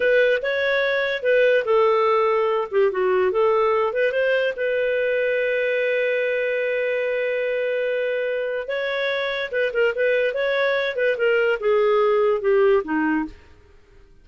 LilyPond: \new Staff \with { instrumentName = "clarinet" } { \time 4/4 \tempo 4 = 145 b'4 cis''2 b'4 | a'2~ a'8 g'8 fis'4 | a'4. b'8 c''4 b'4~ | b'1~ |
b'1~ | b'4 cis''2 b'8 ais'8 | b'4 cis''4. b'8 ais'4 | gis'2 g'4 dis'4 | }